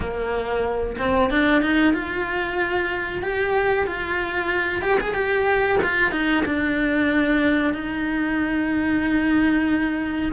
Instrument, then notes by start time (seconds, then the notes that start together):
cello
0.00 A#3
0.98 C4
1.30 D4
1.62 D#4
1.93 F4
3.22 G4
3.87 F4
4.82 G4
5.00 G#4
5.13 G4
5.82 F4
6.11 D#4
6.45 D4
7.73 D#4